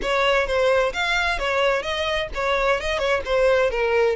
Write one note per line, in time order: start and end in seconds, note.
0.02 0.46 C#5
0.46 0.93 C5
0.93 1.38 F5
1.38 1.82 C#5
1.82 2.28 D#5
2.34 2.80 C#5
2.80 2.98 D#5
2.98 3.21 C#5
3.25 3.70 C5
3.70 4.16 A#4